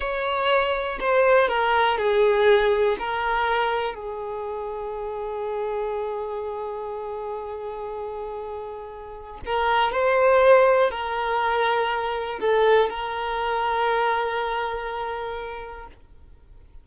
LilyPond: \new Staff \with { instrumentName = "violin" } { \time 4/4 \tempo 4 = 121 cis''2 c''4 ais'4 | gis'2 ais'2 | gis'1~ | gis'1~ |
gis'2. ais'4 | c''2 ais'2~ | ais'4 a'4 ais'2~ | ais'1 | }